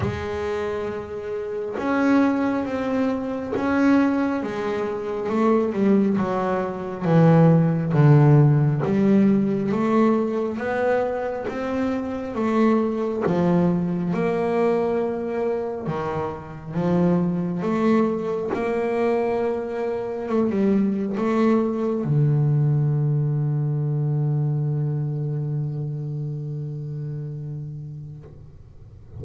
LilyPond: \new Staff \with { instrumentName = "double bass" } { \time 4/4 \tempo 4 = 68 gis2 cis'4 c'4 | cis'4 gis4 a8 g8 fis4 | e4 d4 g4 a4 | b4 c'4 a4 f4 |
ais2 dis4 f4 | a4 ais2 a16 g8. | a4 d2.~ | d1 | }